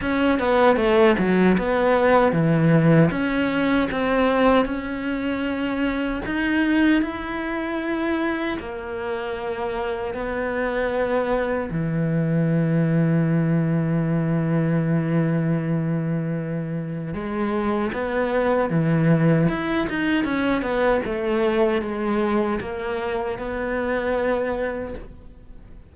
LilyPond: \new Staff \with { instrumentName = "cello" } { \time 4/4 \tempo 4 = 77 cis'8 b8 a8 fis8 b4 e4 | cis'4 c'4 cis'2 | dis'4 e'2 ais4~ | ais4 b2 e4~ |
e1~ | e2 gis4 b4 | e4 e'8 dis'8 cis'8 b8 a4 | gis4 ais4 b2 | }